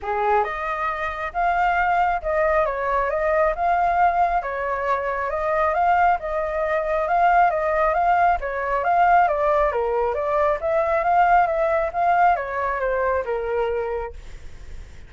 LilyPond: \new Staff \with { instrumentName = "flute" } { \time 4/4 \tempo 4 = 136 gis'4 dis''2 f''4~ | f''4 dis''4 cis''4 dis''4 | f''2 cis''2 | dis''4 f''4 dis''2 |
f''4 dis''4 f''4 cis''4 | f''4 d''4 ais'4 d''4 | e''4 f''4 e''4 f''4 | cis''4 c''4 ais'2 | }